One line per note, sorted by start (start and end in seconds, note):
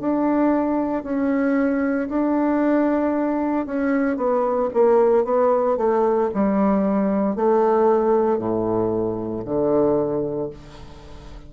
0.00 1.03 D4
1.03 2.09 C#4
2.09 3.67 D4
3.67 4.17 C#4
4.17 4.69 B3
4.74 5.25 A#3
5.25 5.78 B3
5.78 6.30 A3
6.34 7.36 G3
7.36 8.39 A3
8.39 9.44 A2
9.45 10.50 D3